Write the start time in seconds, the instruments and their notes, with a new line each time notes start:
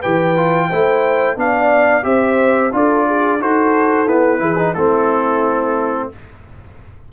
0.00 tuba E3, trombone G4, horn B4, trumpet G5
0.37 trombone F4
0.69 tuba A3, trombone E4, horn C5
1.36 tuba B3, trombone D4, horn D5, trumpet F5
2.03 tuba C4, trombone G4, horn C5, trumpet E5
2.72 tuba D4, trombone F4, horn A4, trumpet D5
3.07 horn G#4
3.40 tuba D#4, trombone F#4, horn A4, trumpet C5
4.06 trombone B3, tuba E4, trumpet B4
4.39 tuba E3, trombone E4, horn G#4
4.58 trombone D#4
4.73 tuba A3, trombone C4, horn E4, trumpet A4